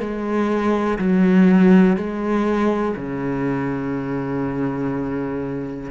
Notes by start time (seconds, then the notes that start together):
0.00 G#3
0.99 F#3
1.97 G#3
2.96 C#3